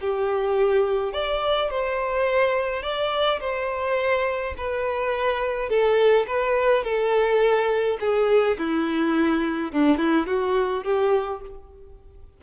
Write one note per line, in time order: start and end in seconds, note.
0.00 1.13 G4
1.13 1.70 D5
1.70 2.82 C5
2.82 3.39 D5
3.40 4.54 C5
4.57 5.69 B4
5.69 6.26 A4
6.27 6.83 B4
6.83 7.97 A4
8.00 8.57 G#4
8.58 9.72 E4
9.72 9.97 D4
9.97 10.26 E4
10.26 10.83 F#4
10.83 11.41 G4